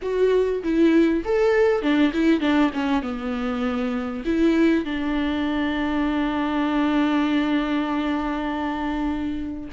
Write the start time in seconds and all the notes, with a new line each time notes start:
0.02 F#4
0.63 E4
1.25 A4
1.82 D4
2.13 E4
2.40 D4
2.73 C#4
3.02 B3
4.25 E4
4.84 D4